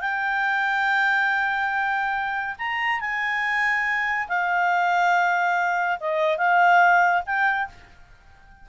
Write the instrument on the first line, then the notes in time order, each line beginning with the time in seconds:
clarinet
0.00 G5
2.58 A#5
3.00 G#5
4.28 F5
6.00 D#5
6.37 F5
7.26 G5